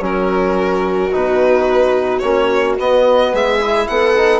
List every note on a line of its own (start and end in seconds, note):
0.00 1.10 F#3
0.00 1.11 C#4
0.00 3.32 F#4
0.00 1.13 A#4
1.12 2.22 B2
1.12 2.22 D#4
1.12 2.18 B4
2.18 2.78 A#3
2.18 2.78 C#4
2.18 2.74 C#5
2.78 3.33 B3
2.78 3.60 B3
2.78 3.35 D#5
3.32 3.88 G#3
3.32 3.87 G#4
3.32 3.87 E5
3.60 4.15 E4
3.87 4.40 B3
3.87 4.40 A4
3.87 4.40 F#5
4.16 4.40 D#4